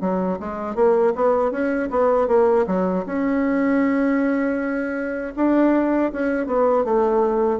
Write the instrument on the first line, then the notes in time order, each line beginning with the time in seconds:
bassoon
0.00 F#3
0.39 G#3
0.75 A#3
1.15 B3
1.51 C#4
1.90 B3
2.27 A#3
2.67 F#3
3.06 C#4
5.36 D4
6.12 C#4
6.46 B3
6.84 A3